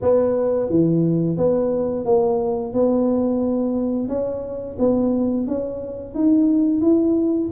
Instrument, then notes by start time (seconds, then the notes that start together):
tuba
0.01 B3
0.69 E3
1.37 B3
2.05 A#3
2.73 B3
4.08 C#4
4.79 B3
5.47 C#4
6.14 D#4
6.81 E4